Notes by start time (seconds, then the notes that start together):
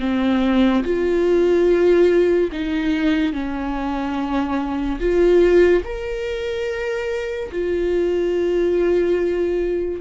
0.00 C4
0.84 F4
2.52 D#4
3.33 C#4
5.00 F4
5.84 A#4
7.52 F4